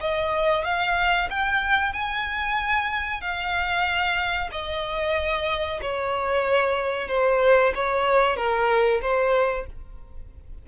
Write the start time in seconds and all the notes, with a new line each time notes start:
0.00 D#5
0.64 F5
1.30 G5
1.93 G#5
3.21 F5
4.51 D#5
5.81 C#5
7.08 C5
7.75 C#5
8.36 A#4
9.01 C5